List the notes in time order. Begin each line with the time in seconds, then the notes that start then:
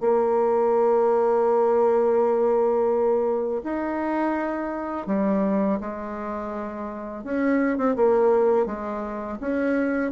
0.00 A#3
3.63 D#4
5.06 G3
5.80 G#3
7.24 C#4
7.77 C4
7.96 A#3
8.66 G#3
9.40 C#4